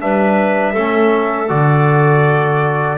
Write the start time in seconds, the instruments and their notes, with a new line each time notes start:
0.00 double bass G3, trombone D4, clarinet B4, trumpet E5
0.73 double bass A3, trombone C#4, clarinet A4
1.48 double bass D3, trombone F#4, trumpet D5